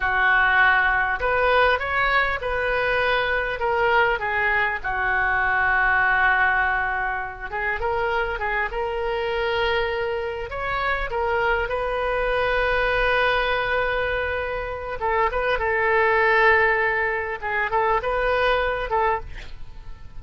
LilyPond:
\new Staff \with { instrumentName = "oboe" } { \time 4/4 \tempo 4 = 100 fis'2 b'4 cis''4 | b'2 ais'4 gis'4 | fis'1~ | fis'8 gis'8 ais'4 gis'8 ais'4.~ |
ais'4. cis''4 ais'4 b'8~ | b'1~ | b'4 a'8 b'8 a'2~ | a'4 gis'8 a'8 b'4. a'8 | }